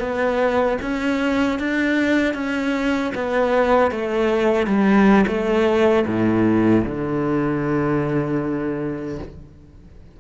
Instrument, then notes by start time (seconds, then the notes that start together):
cello
0.00 B3
0.82 C#4
1.59 D4
2.34 C#4
3.15 B3
3.91 A3
4.67 G3
5.27 A3
6.06 A2
6.85 D3